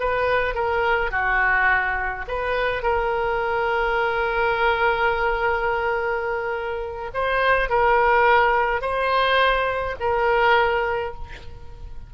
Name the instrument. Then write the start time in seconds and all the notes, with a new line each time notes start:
oboe
0.00 B4
0.55 A#4
1.11 F#4
2.28 B4
2.83 A#4
7.14 C5
7.69 A#4
8.82 C5
10.00 A#4